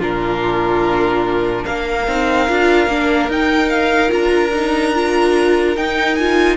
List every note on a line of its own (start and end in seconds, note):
0.00 1.65 A#2
0.00 2.06 D4
0.00 1.64 F4
0.00 1.66 A#4
1.64 2.08 A#3
1.64 6.57 A#4
1.64 3.30 F5
2.08 2.49 C4
2.08 2.49 D#4
2.49 2.87 D4
2.49 2.90 F4
2.87 3.29 A#3
2.87 3.30 D4
3.29 4.11 D#4
3.29 4.09 D#4
3.29 3.70 G5
3.70 4.11 F5
4.09 5.77 D4
4.09 4.50 F4
4.09 5.77 A#5
4.55 4.95 D#4
4.95 5.77 F4
5.77 6.57 D#4
5.77 6.18 D#4
5.77 6.16 G5
6.16 6.57 F4
6.16 6.57 G#5